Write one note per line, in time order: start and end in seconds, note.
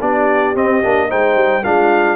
0.00 0.55 B3
0.00 0.55 D4
0.00 1.09 G4
0.00 0.56 D5
0.55 0.82 C4
0.55 0.83 C4
0.55 1.11 D#5
0.84 1.12 A#3
0.84 1.09 D4
1.09 1.35 G#3
1.09 1.64 D#4
1.09 1.64 C5
1.09 1.64 G5
1.35 1.63 G3
1.64 2.16 G#3
1.64 2.16 D4
1.64 2.16 F4
1.64 2.16 F5